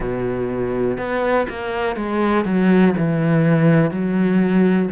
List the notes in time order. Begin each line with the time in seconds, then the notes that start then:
0.00 B2
0.97 B3
1.49 A#3
1.96 G#3
2.45 F#3
2.97 E3
3.90 F#3